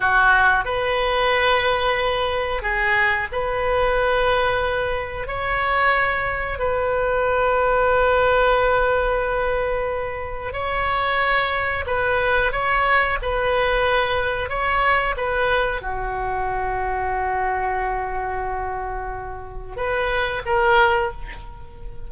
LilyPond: \new Staff \with { instrumentName = "oboe" } { \time 4/4 \tempo 4 = 91 fis'4 b'2. | gis'4 b'2. | cis''2 b'2~ | b'1 |
cis''2 b'4 cis''4 | b'2 cis''4 b'4 | fis'1~ | fis'2 b'4 ais'4 | }